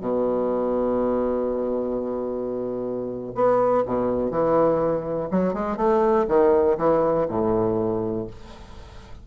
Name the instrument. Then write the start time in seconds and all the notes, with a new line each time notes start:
bassoon
0.00 B2
3.34 B3
3.85 B2
4.31 E3
5.30 F#3
5.53 G#3
5.76 A3
6.27 D#3
6.77 E3
7.28 A2